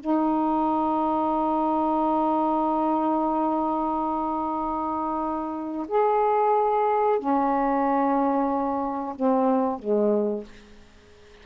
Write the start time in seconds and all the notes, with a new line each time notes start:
0.00 D#4
5.88 G#4
7.19 C#4
9.15 C4
9.79 G#3